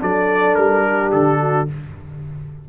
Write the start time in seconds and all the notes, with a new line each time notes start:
0.00 F#3 D4 A4 D5
0.55 G3 A#4
0.84 G4
1.12 D3 A4
1.40 F#4